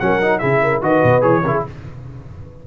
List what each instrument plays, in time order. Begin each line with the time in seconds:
0.00 tuba F#3, trombone C#4, horn A#4, trumpet F#5
0.22 trombone D#4
0.39 tuba C#3, trombone E4, horn G#4, trumpet E5
0.63 horn A#4
0.82 tuba D#3, trombone F#4, horn B4, trumpet D#5
1.04 tuba B2
1.22 tuba E3, trombone G#4, trumpet C#5
1.44 tuba C#3, trombone E4, horn A#4
1.52 horn G#4